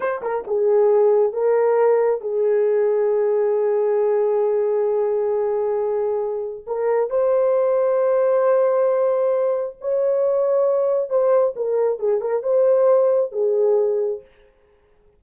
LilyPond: \new Staff \with { instrumentName = "horn" } { \time 4/4 \tempo 4 = 135 c''8 ais'8 gis'2 ais'4~ | ais'4 gis'2.~ | gis'1~ | gis'2. ais'4 |
c''1~ | c''2 cis''2~ | cis''4 c''4 ais'4 gis'8 ais'8 | c''2 gis'2 | }